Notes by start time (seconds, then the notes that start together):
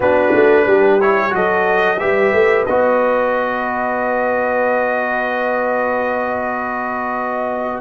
0.00 B3 D4 F#4 B4
0.34 A3
0.66 G3 G4
1.00 E4 C#5
1.30 F#3 F#4 A4 D#5
1.99 G3 G4 B4 E5
2.32 A3
2.66 B3 F#4 D#5